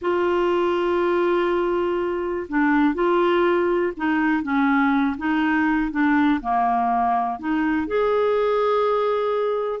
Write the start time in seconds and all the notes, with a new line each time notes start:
0.01 F4
2.48 D4
2.94 F4
3.96 D#4
4.42 C#4
5.17 D#4
5.91 D4
6.41 A#3
7.39 D#4
7.87 G#4